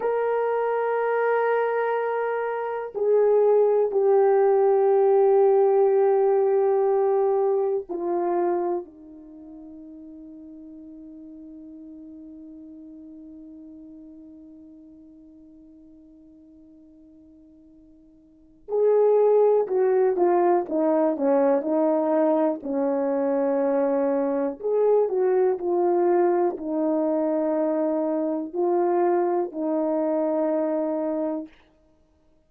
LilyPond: \new Staff \with { instrumentName = "horn" } { \time 4/4 \tempo 4 = 61 ais'2. gis'4 | g'1 | f'4 dis'2.~ | dis'1~ |
dis'2. gis'4 | fis'8 f'8 dis'8 cis'8 dis'4 cis'4~ | cis'4 gis'8 fis'8 f'4 dis'4~ | dis'4 f'4 dis'2 | }